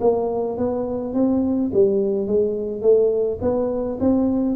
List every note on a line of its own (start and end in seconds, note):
0.00 0.57 A#3
0.57 1.14 B3
1.14 1.71 C4
1.73 2.27 G3
2.27 2.81 G#3
2.81 3.38 A3
3.41 3.98 B3
4.00 4.55 C4